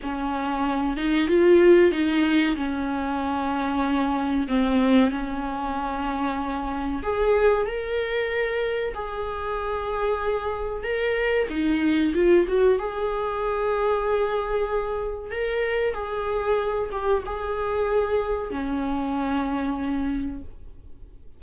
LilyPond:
\new Staff \with { instrumentName = "viola" } { \time 4/4 \tempo 4 = 94 cis'4. dis'8 f'4 dis'4 | cis'2. c'4 | cis'2. gis'4 | ais'2 gis'2~ |
gis'4 ais'4 dis'4 f'8 fis'8 | gis'1 | ais'4 gis'4. g'8 gis'4~ | gis'4 cis'2. | }